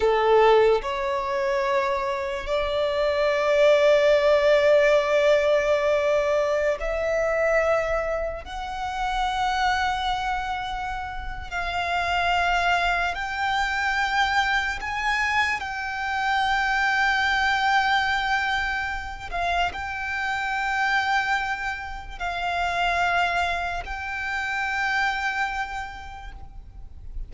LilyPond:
\new Staff \with { instrumentName = "violin" } { \time 4/4 \tempo 4 = 73 a'4 cis''2 d''4~ | d''1~ | d''16 e''2 fis''4.~ fis''16~ | fis''2 f''2 |
g''2 gis''4 g''4~ | g''2.~ g''8 f''8 | g''2. f''4~ | f''4 g''2. | }